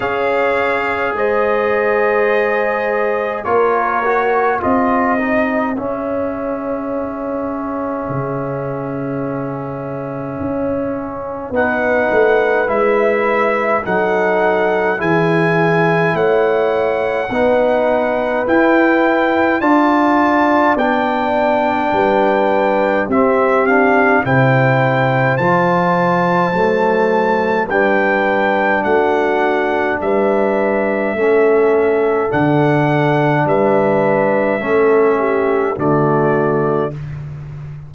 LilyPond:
<<
  \new Staff \with { instrumentName = "trumpet" } { \time 4/4 \tempo 4 = 52 f''4 dis''2 cis''4 | dis''4 e''2.~ | e''2 fis''4 e''4 | fis''4 gis''4 fis''2 |
g''4 a''4 g''2 | e''8 f''8 g''4 a''2 | g''4 fis''4 e''2 | fis''4 e''2 d''4 | }
  \new Staff \with { instrumentName = "horn" } { \time 4/4 cis''4 c''2 ais'4 | gis'1~ | gis'2 b'2 | a'4 gis'4 cis''4 b'4~ |
b'4 d''2 b'4 | g'4 c''2. | b'4 fis'4 b'4 a'4~ | a'4 b'4 a'8 g'8 fis'4 | }
  \new Staff \with { instrumentName = "trombone" } { \time 4/4 gis'2. f'8 fis'8 | f'8 dis'8 cis'2.~ | cis'2 dis'4 e'4 | dis'4 e'2 dis'4 |
e'4 f'4 d'2 | c'8 d'8 e'4 f'4 a4 | d'2. cis'4 | d'2 cis'4 a4 | }
  \new Staff \with { instrumentName = "tuba" } { \time 4/4 cis'4 gis2 ais4 | c'4 cis'2 cis4~ | cis4 cis'4 b8 a8 gis4 | fis4 e4 a4 b4 |
e'4 d'4 b4 g4 | c'4 c4 f4 fis4 | g4 a4 g4 a4 | d4 g4 a4 d4 | }
>>